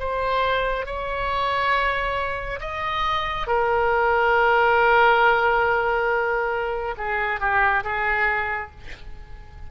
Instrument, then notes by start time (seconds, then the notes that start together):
oboe
0.00 C5
0.86 C#5
2.60 D#5
3.47 A#4
6.98 G#4
7.40 G4
7.84 G#4